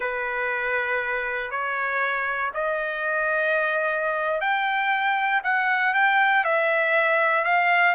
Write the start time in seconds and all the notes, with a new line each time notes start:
0.00 B4
1.51 C#5
2.53 D#5
4.40 G5
5.43 F#5
5.94 G5
6.44 E5
7.44 F5